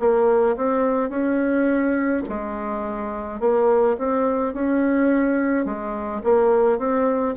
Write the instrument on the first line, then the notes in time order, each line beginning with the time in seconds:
bassoon
0.00 A#3
0.57 C4
1.10 C#4
2.29 G#3
3.40 A#3
3.98 C4
4.54 C#4
5.66 G#3
6.24 A#3
6.79 C4